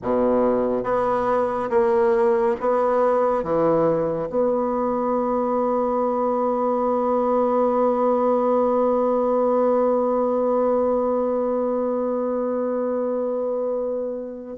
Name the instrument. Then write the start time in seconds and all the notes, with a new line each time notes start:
bassoon
0.02 B2
0.83 B3
1.69 A#3
2.60 B3
3.43 E3
4.29 B3